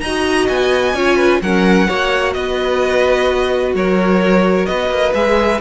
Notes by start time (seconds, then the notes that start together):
0.00 D#4 D#5 A#5
0.06 F#4
0.48 B3 G#5
0.94 C#4 F4 C#5
1.16 B4
1.41 F#3 C#4 A#4 F#5
1.87 A#3 F#4 C#5
2.33 B3 B4 D#5
3.75 F#3 A#4 C#5
4.66 B3 B4 D#5
4.90 A#3
5.14 G#3 G#4 E5